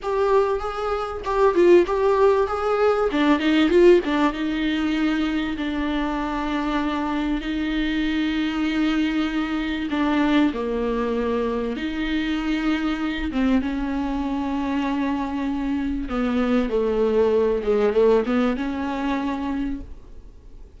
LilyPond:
\new Staff \with { instrumentName = "viola" } { \time 4/4 \tempo 4 = 97 g'4 gis'4 g'8 f'8 g'4 | gis'4 d'8 dis'8 f'8 d'8 dis'4~ | dis'4 d'2. | dis'1 |
d'4 ais2 dis'4~ | dis'4. c'8 cis'2~ | cis'2 b4 a4~ | a8 gis8 a8 b8 cis'2 | }